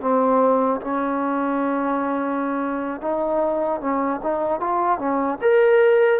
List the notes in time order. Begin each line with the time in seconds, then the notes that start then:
0.00 C4
0.81 C#4
3.01 D#4
3.80 C#4
4.23 D#4
4.60 F4
4.99 C#4
5.41 A#4